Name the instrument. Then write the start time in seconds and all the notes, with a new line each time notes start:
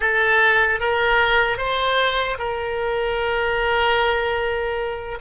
oboe
0.00 A4
0.80 A#4
1.57 C5
2.38 A#4